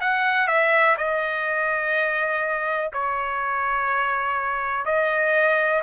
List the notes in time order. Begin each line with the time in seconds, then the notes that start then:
0.00 F#5
0.47 E5
0.97 D#5
2.93 C#5
4.85 D#5